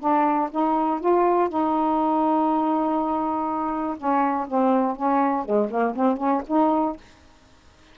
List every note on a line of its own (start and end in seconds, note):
0.00 0.50 D4
0.51 1.01 D#4
1.01 1.49 F4
1.49 3.97 D#4
3.98 4.47 C#4
4.48 4.96 C4
4.96 5.45 C#4
5.45 5.70 G#3
5.70 5.95 A#3
5.95 6.17 C4
6.17 6.42 C#4
6.47 6.97 D#4